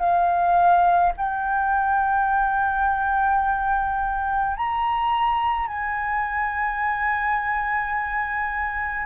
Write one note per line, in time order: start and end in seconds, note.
0.00 1.13 F5
1.17 4.57 G5
4.57 5.68 A#5
5.68 9.07 G#5